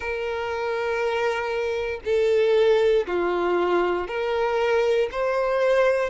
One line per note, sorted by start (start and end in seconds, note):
0.00 2.00 A#4
2.04 3.06 A4
3.06 4.07 F4
4.07 5.09 A#4
5.11 6.10 C5